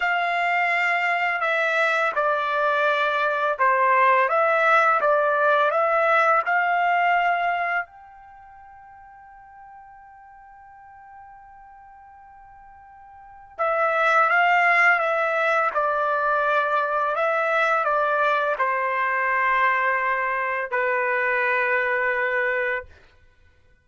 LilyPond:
\new Staff \with { instrumentName = "trumpet" } { \time 4/4 \tempo 4 = 84 f''2 e''4 d''4~ | d''4 c''4 e''4 d''4 | e''4 f''2 g''4~ | g''1~ |
g''2. e''4 | f''4 e''4 d''2 | e''4 d''4 c''2~ | c''4 b'2. | }